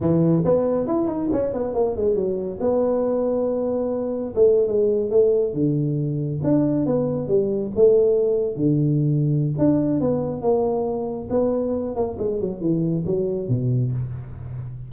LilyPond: \new Staff \with { instrumentName = "tuba" } { \time 4/4 \tempo 4 = 138 e4 b4 e'8 dis'8 cis'8 b8 | ais8 gis8 fis4 b2~ | b2 a8. gis4 a16~ | a8. d2 d'4 b16~ |
b8. g4 a2 d16~ | d2 d'4 b4 | ais2 b4. ais8 | gis8 fis8 e4 fis4 b,4 | }